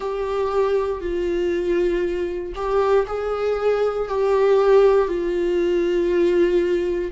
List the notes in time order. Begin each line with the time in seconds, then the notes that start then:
0.00 G4
1.00 F4
2.55 G4
3.06 G#4
4.08 G4
5.08 F4